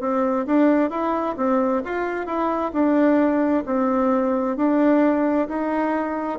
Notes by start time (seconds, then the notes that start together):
0.00 C4
0.46 D4
0.90 E4
1.36 C4
1.84 F4
2.26 E4
2.73 D4
3.65 C4
4.56 D4
5.48 D#4